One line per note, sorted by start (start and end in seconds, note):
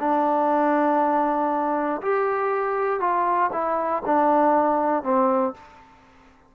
0.00 2.02 D4
2.02 3.00 G4
3.00 3.51 F4
3.53 4.03 E4
4.06 5.04 D4
5.04 5.54 C4